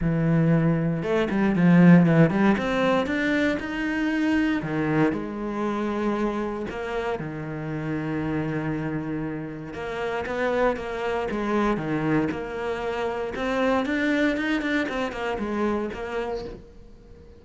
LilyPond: \new Staff \with { instrumentName = "cello" } { \time 4/4 \tempo 4 = 117 e2 a8 g8 f4 | e8 g8 c'4 d'4 dis'4~ | dis'4 dis4 gis2~ | gis4 ais4 dis2~ |
dis2. ais4 | b4 ais4 gis4 dis4 | ais2 c'4 d'4 | dis'8 d'8 c'8 ais8 gis4 ais4 | }